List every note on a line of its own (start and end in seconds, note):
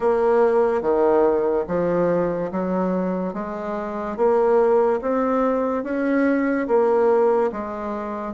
0.00 0.81 A#3
0.81 1.64 D#3
1.67 2.51 F3
2.52 3.33 F#3
3.33 4.16 G#3
4.16 5.00 A#3
5.01 5.83 C4
5.83 6.67 C#4
6.67 7.50 A#3
7.52 8.33 G#3